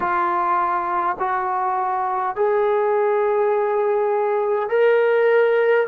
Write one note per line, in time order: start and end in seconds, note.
0.00 1.17 F4
1.19 2.35 F#4
2.35 4.69 G#4
4.69 5.87 A#4